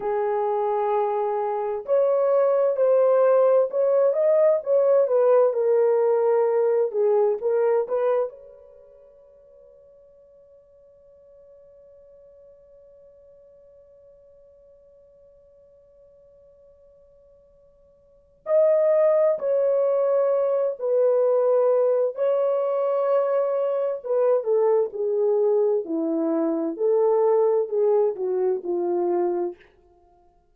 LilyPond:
\new Staff \with { instrumentName = "horn" } { \time 4/4 \tempo 4 = 65 gis'2 cis''4 c''4 | cis''8 dis''8 cis''8 b'8 ais'4. gis'8 | ais'8 b'8 cis''2.~ | cis''1~ |
cis''1 | dis''4 cis''4. b'4. | cis''2 b'8 a'8 gis'4 | e'4 a'4 gis'8 fis'8 f'4 | }